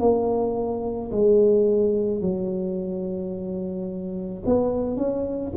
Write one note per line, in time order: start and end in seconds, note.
0.00 1.11 A#3
1.12 2.22 G#3
2.22 4.44 F#3
4.46 4.97 B3
4.97 5.53 C#4